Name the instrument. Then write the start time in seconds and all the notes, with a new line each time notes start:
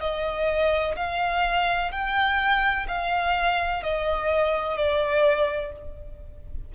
violin
0.00 D#5
0.96 F5
1.92 G5
2.88 F5
3.83 D#5
4.77 D5